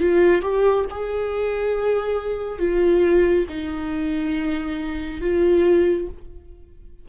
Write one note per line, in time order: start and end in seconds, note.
0.00 0.42 F4
0.42 0.85 G4
0.91 2.59 G#4
2.59 3.46 F4
3.49 5.21 D#4
5.21 6.08 F4